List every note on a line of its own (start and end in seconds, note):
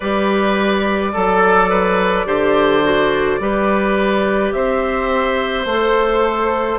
0.00 1.14 G3
0.00 1.13 G4
0.00 1.12 B4
0.00 4.52 D5
1.13 2.25 F#3
1.13 1.69 A4
1.13 2.26 A4
1.69 2.26 B4
2.25 3.39 D3
2.25 2.83 G4
2.25 3.40 C5
2.83 3.40 F#4
3.39 4.52 G3
3.39 5.66 G4
3.39 4.54 B4
4.52 5.65 C4
4.52 6.78 C5
4.52 5.65 E5
5.65 6.78 A3
5.65 6.78 A4
5.65 6.78 C5